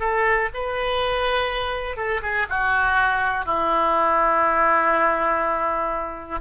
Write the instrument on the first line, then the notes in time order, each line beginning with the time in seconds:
oboe
0.00 A4
0.54 B4
1.96 A4
2.22 G#4
2.49 F#4
3.45 E4